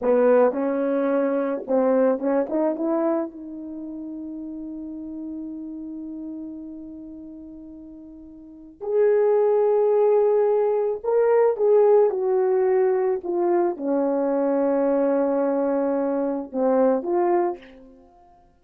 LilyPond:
\new Staff \with { instrumentName = "horn" } { \time 4/4 \tempo 4 = 109 b4 cis'2 c'4 | cis'8 dis'8 e'4 dis'2~ | dis'1~ | dis'1 |
gis'1 | ais'4 gis'4 fis'2 | f'4 cis'2.~ | cis'2 c'4 f'4 | }